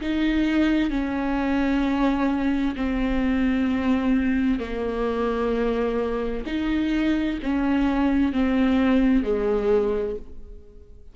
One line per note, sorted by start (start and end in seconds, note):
0.00 0.90 D#4
0.90 2.74 C#4
2.76 4.59 C4
4.59 6.44 A#3
6.46 7.38 D#4
7.43 8.32 C#4
8.32 9.23 C4
9.23 10.15 G#3